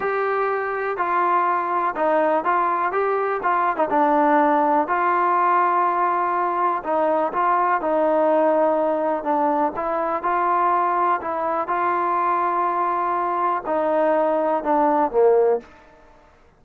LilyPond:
\new Staff \with { instrumentName = "trombone" } { \time 4/4 \tempo 4 = 123 g'2 f'2 | dis'4 f'4 g'4 f'8. dis'16 | d'2 f'2~ | f'2 dis'4 f'4 |
dis'2. d'4 | e'4 f'2 e'4 | f'1 | dis'2 d'4 ais4 | }